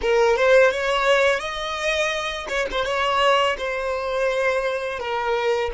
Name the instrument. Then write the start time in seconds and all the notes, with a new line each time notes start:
violin
0.01 A#4
0.36 C5
0.71 C#5
1.39 D#5
2.48 C#5
2.71 C5
2.84 C#5
3.57 C5
4.99 A#4